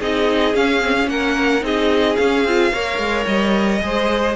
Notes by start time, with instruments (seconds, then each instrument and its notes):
0.00 cello C4, viola D#4, violin G#4 D#5
0.54 viola C#4, cello C#4, violin F5
0.84 viola C4
0.97 viola C#4
1.08 cello A#3, violin A#4 F#5
1.61 cello C4, viola D#4, violin G#4 D#5
2.16 cello C#4, viola C#4, violin F5
2.45 cello C4, viola F4
2.73 cello A#3, viola A#4, violin C#5
2.99 cello G#3
3.27 cello G3, violin D#5
3.81 cello G#3, viola G#4, violin C5